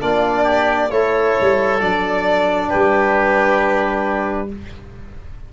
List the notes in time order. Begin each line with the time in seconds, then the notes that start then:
0.00 A#3 D4 F4 D5
0.44 G4
0.90 A3 E4 A4 C#5
1.41 G3
1.80 F#3 D4 D5
2.69 G3 G4 B4